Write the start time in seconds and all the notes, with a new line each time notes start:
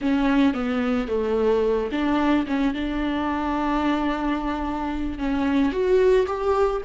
0.01 C#4
0.54 B3
1.08 A3
1.91 D4
2.47 C#4
2.73 D4
5.18 C#4
5.71 F#4
6.27 G4